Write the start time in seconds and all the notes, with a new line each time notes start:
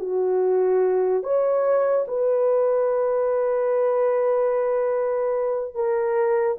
0.00 F#4
1.24 C#5
2.08 B4
5.75 A#4